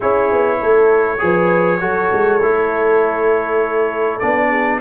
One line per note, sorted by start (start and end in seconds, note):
0.00 0.31 C#4
0.00 1.18 E4
0.00 0.58 G#4
0.00 4.19 C#5
0.31 0.60 B3
0.59 1.20 A3
0.59 1.20 A4
1.18 1.80 F3
1.18 1.78 G#4
1.18 1.80 B4
1.80 2.10 F#3
1.80 2.40 F#4
1.80 4.49 A4
2.12 2.41 G#3
2.41 4.21 A3
2.41 4.21 E4
4.19 4.80 B3
4.19 4.80 D4
4.19 4.79 D5
4.49 4.79 G#4